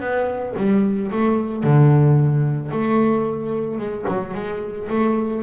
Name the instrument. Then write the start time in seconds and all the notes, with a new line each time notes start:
double bass
0.00 B3
0.57 G3
1.11 A3
1.63 D3
2.71 A3
3.78 G#3
4.08 F#3
4.34 G#3
4.89 A3